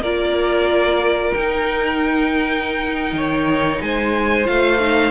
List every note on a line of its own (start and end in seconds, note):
0.00 1.32 A#3
0.00 1.35 F4
0.00 3.15 A#4
0.00 1.34 D5
1.34 4.45 D#4
1.34 3.13 D#4
1.34 3.81 G5
3.13 3.79 D#3
3.13 3.83 C#5
3.82 4.48 G#3
3.82 5.12 C5
3.82 4.47 G#5
4.45 5.12 A3
4.45 4.78 F4
4.45 5.12 F5
4.80 5.12 D#4